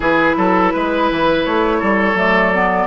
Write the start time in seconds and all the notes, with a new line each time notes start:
0.00 E3 E4 G#4 B4
0.36 F#3 A4
0.73 G#3 B4
1.11 E3
1.44 A3 C#5
1.78 G3 A4
2.14 F#3 A3 D5
2.54 B3